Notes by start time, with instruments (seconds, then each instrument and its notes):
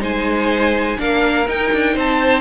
0.00 cello G#3, viola D#4, violin C5 G#5
0.98 cello A#3, viola D4, violin A#4 F5
1.48 cello D#4, viola D#4, violin G5
1.73 cello D4
1.94 cello C4, violin C5 A5